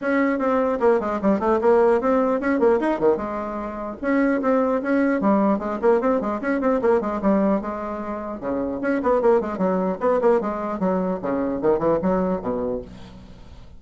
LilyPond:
\new Staff \with { instrumentName = "bassoon" } { \time 4/4 \tempo 4 = 150 cis'4 c'4 ais8 gis8 g8 a8 | ais4 c'4 cis'8 ais8 dis'8 dis8 | gis2 cis'4 c'4 | cis'4 g4 gis8 ais8 c'8 gis8 |
cis'8 c'8 ais8 gis8 g4 gis4~ | gis4 cis4 cis'8 b8 ais8 gis8 | fis4 b8 ais8 gis4 fis4 | cis4 dis8 e8 fis4 b,4 | }